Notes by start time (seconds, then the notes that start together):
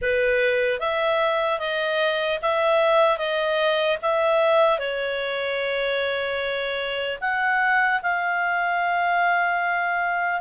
0.01 B4
0.79 E5
1.59 D#5
2.42 E5
3.17 D#5
4.01 E5
4.79 C#5
7.20 F#5
8.02 F5